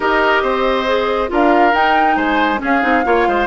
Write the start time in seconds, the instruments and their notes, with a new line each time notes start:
0.00 bassoon D#4, clarinet G4, oboe A#4, flute D#5
0.42 bassoon C4, oboe C5
0.86 clarinet G#4
1.28 bassoon D4, clarinet F4, oboe A#4, flute F5
1.73 bassoon D#4, clarinet D#4, flute G5
2.16 bassoon G#3, oboe C5, flute G#5
2.58 clarinet C#4, bassoon C#4, oboe G#4
2.64 flute F5
2.81 bassoon C4, clarinet D#4
3.04 bassoon A#3, clarinet F4, oboe C#5
3.28 bassoon G#3, oboe C5